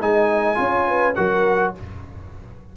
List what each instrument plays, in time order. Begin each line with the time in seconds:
0.00 tuba G#3, trombone D#4, horn D#5, trumpet G#5
0.55 tuba C#4, trombone F4, horn C#5
0.88 horn B4
1.15 tuba F#3, trombone F#4, horn A#4, trumpet F#5